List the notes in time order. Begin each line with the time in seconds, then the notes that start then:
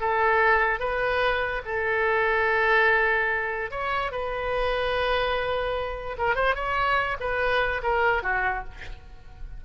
0.00 A4
0.79 B4
1.65 A4
3.71 C#5
4.11 B4
6.18 A#4
6.35 C5
6.55 C#5
7.20 B4
7.83 A#4
8.22 F#4